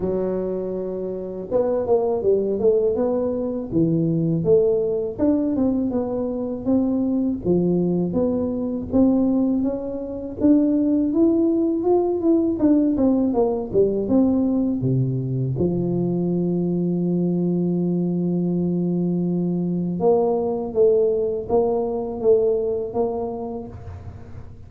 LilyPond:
\new Staff \with { instrumentName = "tuba" } { \time 4/4 \tempo 4 = 81 fis2 b8 ais8 g8 a8 | b4 e4 a4 d'8 c'8 | b4 c'4 f4 b4 | c'4 cis'4 d'4 e'4 |
f'8 e'8 d'8 c'8 ais8 g8 c'4 | c4 f2.~ | f2. ais4 | a4 ais4 a4 ais4 | }